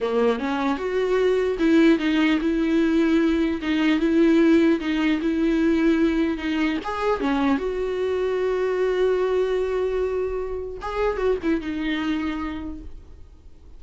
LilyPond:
\new Staff \with { instrumentName = "viola" } { \time 4/4 \tempo 4 = 150 ais4 cis'4 fis'2 | e'4 dis'4 e'2~ | e'4 dis'4 e'2 | dis'4 e'2. |
dis'4 gis'4 cis'4 fis'4~ | fis'1~ | fis'2. gis'4 | fis'8 e'8 dis'2. | }